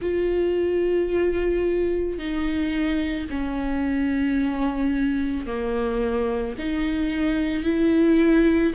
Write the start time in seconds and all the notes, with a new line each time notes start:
0.01 F4
2.18 D#4
3.29 C#4
5.46 A#3
6.58 D#4
7.64 E4